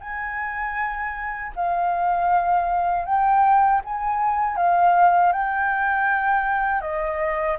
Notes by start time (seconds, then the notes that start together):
0.00 G#5
1.55 F5
3.05 G5
3.84 G#5
4.56 F5
5.32 G5
6.81 D#5